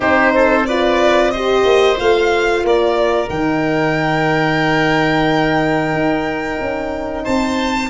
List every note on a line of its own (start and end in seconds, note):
0.00 1.64 C4
0.00 0.66 D#4
0.00 0.32 G4
0.00 0.66 C5
0.34 0.67 A4
0.66 1.34 F4
0.66 1.32 B4
0.66 1.30 D5
1.30 1.96 G4
1.30 2.64 C5
1.30 1.96 D#5
1.64 1.97 A#3
1.96 2.63 A3
1.96 3.28 F4
1.96 2.65 F5
2.63 3.29 A#3
2.63 7.23 A#4
2.63 3.29 D5
3.29 5.92 D#3
3.29 7.90 D#4
3.29 7.24 G5
5.92 6.58 D#4
6.59 7.25 C#4
7.23 7.90 C4
7.23 7.89 C5
7.23 7.90 A5